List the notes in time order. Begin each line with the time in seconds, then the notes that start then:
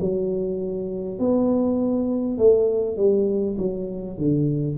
0.00 F#3
1.19 B3
2.37 A3
2.97 G3
3.58 F#3
4.17 D3